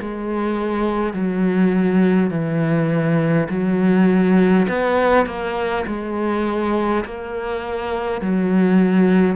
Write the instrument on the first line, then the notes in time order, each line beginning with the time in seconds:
cello
0.00 G#3
1.13 F#3
2.30 E3
3.49 F#3
4.68 B3
5.26 A#3
5.86 G#3
7.04 A#3
8.21 F#3